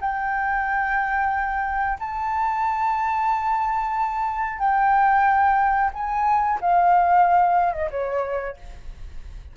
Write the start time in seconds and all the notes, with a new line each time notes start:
0.00 G5
1.99 A5
4.58 G5
5.93 G#5
6.61 F5
7.73 D#5
7.90 C#5